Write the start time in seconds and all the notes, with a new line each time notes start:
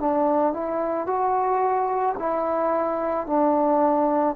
0.00 D4
0.54 E4
1.07 F#4
2.19 E4
3.27 D4